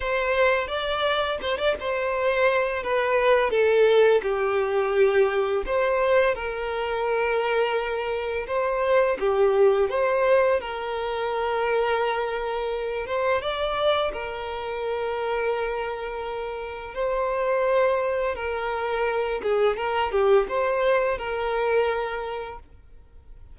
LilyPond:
\new Staff \with { instrumentName = "violin" } { \time 4/4 \tempo 4 = 85 c''4 d''4 c''16 d''16 c''4. | b'4 a'4 g'2 | c''4 ais'2. | c''4 g'4 c''4 ais'4~ |
ais'2~ ais'8 c''8 d''4 | ais'1 | c''2 ais'4. gis'8 | ais'8 g'8 c''4 ais'2 | }